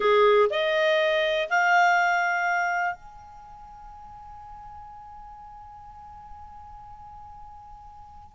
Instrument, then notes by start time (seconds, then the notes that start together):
clarinet
0.00 G#4
0.50 D#5
1.49 F5
2.94 G#5